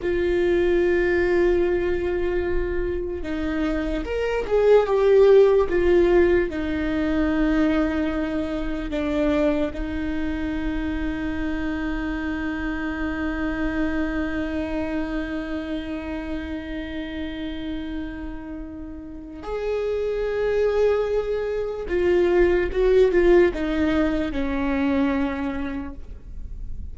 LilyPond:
\new Staff \with { instrumentName = "viola" } { \time 4/4 \tempo 4 = 74 f'1 | dis'4 ais'8 gis'8 g'4 f'4 | dis'2. d'4 | dis'1~ |
dis'1~ | dis'1 | gis'2. f'4 | fis'8 f'8 dis'4 cis'2 | }